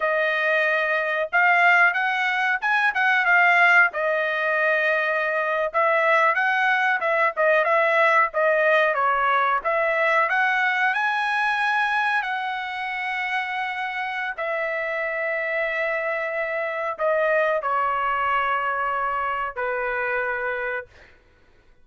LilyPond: \new Staff \with { instrumentName = "trumpet" } { \time 4/4 \tempo 4 = 92 dis''2 f''4 fis''4 | gis''8 fis''8 f''4 dis''2~ | dis''8. e''4 fis''4 e''8 dis''8 e''16~ | e''8. dis''4 cis''4 e''4 fis''16~ |
fis''8. gis''2 fis''4~ fis''16~ | fis''2 e''2~ | e''2 dis''4 cis''4~ | cis''2 b'2 | }